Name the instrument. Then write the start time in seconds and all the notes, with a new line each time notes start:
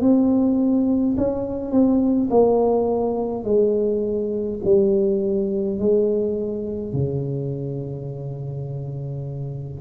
tuba
0.00 C4
1.17 C#4
1.71 C4
2.30 A#3
3.44 G#3
4.64 G3
5.79 G#3
6.93 C#3